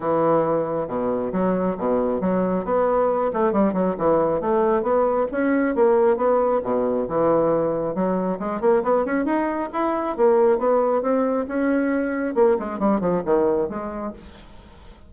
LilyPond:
\new Staff \with { instrumentName = "bassoon" } { \time 4/4 \tempo 4 = 136 e2 b,4 fis4 | b,4 fis4 b4. a8 | g8 fis8 e4 a4 b4 | cis'4 ais4 b4 b,4 |
e2 fis4 gis8 ais8 | b8 cis'8 dis'4 e'4 ais4 | b4 c'4 cis'2 | ais8 gis8 g8 f8 dis4 gis4 | }